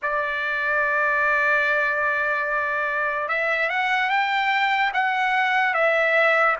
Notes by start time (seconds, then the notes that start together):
0.02 D5
3.28 E5
3.69 F#5
4.09 G5
4.93 F#5
5.73 E5